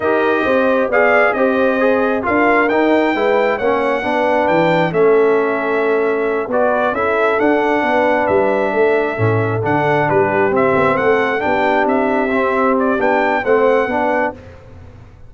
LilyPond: <<
  \new Staff \with { instrumentName = "trumpet" } { \time 4/4 \tempo 4 = 134 dis''2 f''4 dis''4~ | dis''4 f''4 g''2 | fis''2 g''4 e''4~ | e''2~ e''8 d''4 e''8~ |
e''8 fis''2 e''4.~ | e''4. fis''4 b'4 e''8~ | e''8 fis''4 g''4 e''4.~ | e''8 d''8 g''4 fis''2 | }
  \new Staff \with { instrumentName = "horn" } { \time 4/4 ais'4 c''4 d''4 c''4~ | c''4 ais'2 b'4 | cis''4 b'2 a'4~ | a'2~ a'8 b'4 a'8~ |
a'4. b'2 a'8~ | a'2~ a'8 g'4.~ | g'8 a'4 g'2~ g'8~ | g'2 c''4 b'4 | }
  \new Staff \with { instrumentName = "trombone" } { \time 4/4 g'2 gis'4 g'4 | gis'4 f'4 dis'4 e'4 | cis'4 d'2 cis'4~ | cis'2~ cis'8 fis'4 e'8~ |
e'8 d'2.~ d'8~ | d'8 cis'4 d'2 c'8~ | c'4. d'2 c'8~ | c'4 d'4 c'4 d'4 | }
  \new Staff \with { instrumentName = "tuba" } { \time 4/4 dis'4 c'4 b4 c'4~ | c'4 d'4 dis'4 gis4 | ais4 b4 e4 a4~ | a2~ a8 b4 cis'8~ |
cis'8 d'4 b4 g4 a8~ | a8 a,4 d4 g4 c'8 | b8 a4 b4 c'4.~ | c'4 b4 a4 b4 | }
>>